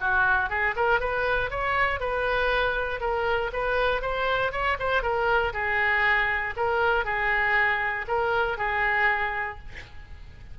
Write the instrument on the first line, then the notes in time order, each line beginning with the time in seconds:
oboe
0.00 F#4
0.49 G#4
0.76 A#4
1.00 B4
1.50 C#5
2.00 B4
3.00 A#4
3.52 B4
4.02 C5
4.52 C#5
4.79 C5
5.02 A#4
5.53 G#4
6.56 A#4
7.04 G#4
8.07 A#4
8.57 G#4